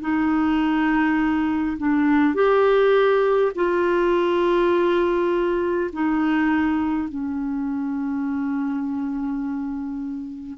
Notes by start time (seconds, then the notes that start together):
0.00 D#4
1.78 D4
2.34 G4
3.55 F4
5.93 D#4
7.09 C#4